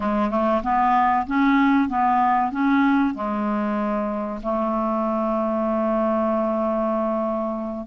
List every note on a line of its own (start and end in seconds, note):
0.00 0.30 G#3
0.30 0.61 A3
0.63 1.26 B3
1.27 1.89 C#4
1.89 2.51 B3
2.51 3.14 C#4
3.14 4.40 G#3
4.42 7.86 A3